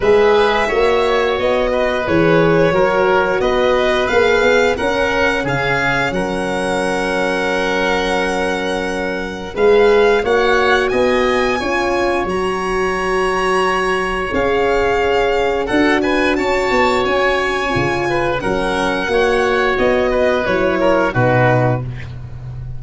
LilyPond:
<<
  \new Staff \with { instrumentName = "violin" } { \time 4/4 \tempo 4 = 88 e''2 dis''4 cis''4~ | cis''4 dis''4 f''4 fis''4 | f''4 fis''2.~ | fis''2 f''4 fis''4 |
gis''2 ais''2~ | ais''4 f''2 fis''8 gis''8 | a''4 gis''2 fis''4~ | fis''4 dis''4 cis''4 b'4 | }
  \new Staff \with { instrumentName = "oboe" } { \time 4/4 b'4 cis''4. b'4. | ais'4 b'2 ais'4 | gis'4 ais'2.~ | ais'2 b'4 cis''4 |
dis''4 cis''2.~ | cis''2. a'8 b'8 | cis''2~ cis''8 b'8 ais'4 | cis''4. b'4 ais'8 fis'4 | }
  \new Staff \with { instrumentName = "horn" } { \time 4/4 gis'4 fis'2 gis'4 | fis'2 gis'4 cis'4~ | cis'1~ | cis'2 gis'4 fis'4~ |
fis'4 f'4 fis'2~ | fis'4 gis'2 fis'4~ | fis'2 f'4 cis'4 | fis'2 e'4 dis'4 | }
  \new Staff \with { instrumentName = "tuba" } { \time 4/4 gis4 ais4 b4 e4 | fis4 b4 ais8 b8 cis'4 | cis4 fis2.~ | fis2 gis4 ais4 |
b4 cis'4 fis2~ | fis4 cis'2 d'4 | cis'8 b8 cis'4 cis4 fis4 | ais4 b4 fis4 b,4 | }
>>